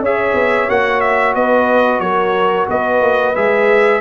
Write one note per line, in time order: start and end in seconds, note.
0.00 0.33 C#4
0.00 0.69 G#4
0.00 1.35 C#5
0.00 0.70 E5
0.34 0.67 B3
0.68 1.35 A#3
0.68 3.35 F#4
0.68 1.00 F#5
1.00 1.33 E5
1.35 2.00 B3
1.35 2.02 B4
1.35 2.00 D#5
2.00 2.67 F#3
2.00 2.69 A#4
2.00 2.66 C#5
2.68 3.01 B3
2.68 4.01 B4
2.68 3.36 D#5
3.01 3.34 A#3
3.35 4.01 G#3
3.35 4.01 G#4
3.35 4.01 E5